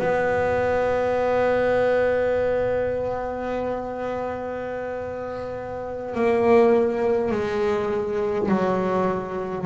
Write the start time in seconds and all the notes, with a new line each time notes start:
0.00 B3
6.15 A#3
7.32 G#3
8.49 F#3